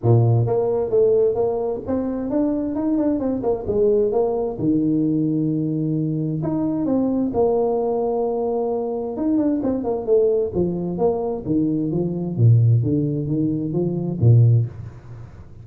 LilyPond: \new Staff \with { instrumentName = "tuba" } { \time 4/4 \tempo 4 = 131 ais,4 ais4 a4 ais4 | c'4 d'4 dis'8 d'8 c'8 ais8 | gis4 ais4 dis2~ | dis2 dis'4 c'4 |
ais1 | dis'8 d'8 c'8 ais8 a4 f4 | ais4 dis4 f4 ais,4 | d4 dis4 f4 ais,4 | }